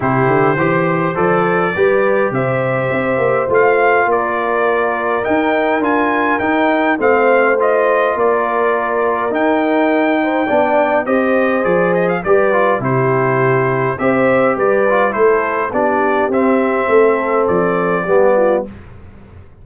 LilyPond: <<
  \new Staff \with { instrumentName = "trumpet" } { \time 4/4 \tempo 4 = 103 c''2 d''2 | e''2 f''4 d''4~ | d''4 g''4 gis''4 g''4 | f''4 dis''4 d''2 |
g''2. dis''4 | d''8 dis''16 f''16 d''4 c''2 | e''4 d''4 c''4 d''4 | e''2 d''2 | }
  \new Staff \with { instrumentName = "horn" } { \time 4/4 g'4 c''2 b'4 | c''2. ais'4~ | ais'1 | c''2 ais'2~ |
ais'4. c''8 d''4 c''4~ | c''4 b'4 g'2 | c''4 b'4 a'4 g'4~ | g'4 a'2 g'8 f'8 | }
  \new Staff \with { instrumentName = "trombone" } { \time 4/4 e'4 g'4 a'4 g'4~ | g'2 f'2~ | f'4 dis'4 f'4 dis'4 | c'4 f'2. |
dis'2 d'4 g'4 | gis'4 g'8 f'8 e'2 | g'4. f'8 e'4 d'4 | c'2. b4 | }
  \new Staff \with { instrumentName = "tuba" } { \time 4/4 c8 d8 e4 f4 g4 | c4 c'8 ais8 a4 ais4~ | ais4 dis'4 d'4 dis'4 | a2 ais2 |
dis'2 b4 c'4 | f4 g4 c2 | c'4 g4 a4 b4 | c'4 a4 f4 g4 | }
>>